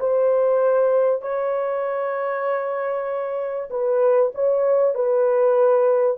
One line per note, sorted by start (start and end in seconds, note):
0.00 1.22 C5
1.22 3.69 C#5
3.71 4.33 B4
4.35 4.95 C#5
4.95 6.18 B4